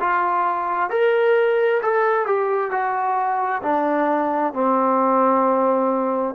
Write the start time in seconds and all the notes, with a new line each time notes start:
0.00 F4
0.90 A#4
1.82 A4
2.26 G4
2.71 F#4
3.62 D4
4.53 C4